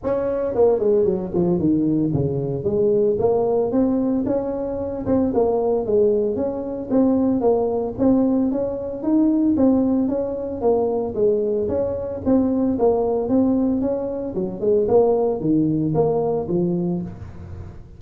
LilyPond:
\new Staff \with { instrumentName = "tuba" } { \time 4/4 \tempo 4 = 113 cis'4 ais8 gis8 fis8 f8 dis4 | cis4 gis4 ais4 c'4 | cis'4. c'8 ais4 gis4 | cis'4 c'4 ais4 c'4 |
cis'4 dis'4 c'4 cis'4 | ais4 gis4 cis'4 c'4 | ais4 c'4 cis'4 fis8 gis8 | ais4 dis4 ais4 f4 | }